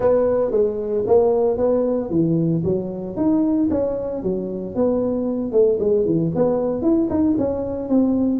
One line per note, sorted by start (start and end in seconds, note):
0.00 0.51 B3
0.51 1.04 G#3
1.06 1.57 A#3
1.57 2.09 B3
2.10 2.62 E3
2.64 3.16 F#3
3.16 3.69 D#4
3.70 4.22 C#4
4.22 4.75 F#3
4.75 5.51 B3
5.51 5.78 A3
5.79 6.05 G#3
6.05 6.31 E3
6.35 6.82 B3
6.82 7.08 E4
7.10 7.36 D#4
7.38 7.88 C#4
7.88 8.40 C4